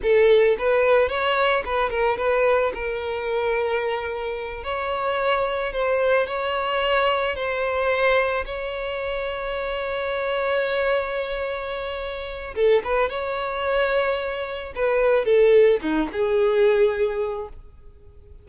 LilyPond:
\new Staff \with { instrumentName = "violin" } { \time 4/4 \tempo 4 = 110 a'4 b'4 cis''4 b'8 ais'8 | b'4 ais'2.~ | ais'8 cis''2 c''4 cis''8~ | cis''4. c''2 cis''8~ |
cis''1~ | cis''2. a'8 b'8 | cis''2. b'4 | a'4 dis'8 gis'2~ gis'8 | }